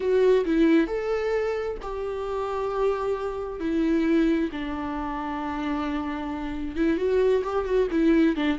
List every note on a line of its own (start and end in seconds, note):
0.00 0.44 F#4
0.45 0.87 E4
0.87 1.77 A4
1.82 3.59 G4
3.59 4.50 E4
4.52 6.75 D4
6.75 6.97 E4
6.97 7.42 F#4
7.43 7.65 G4
7.65 7.87 F#4
7.90 8.36 E4
8.36 8.58 D4